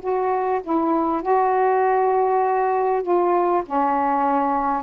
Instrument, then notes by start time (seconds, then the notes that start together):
saxophone
0.00 F#4
0.63 E4
1.22 F#4
3.02 F4
3.66 C#4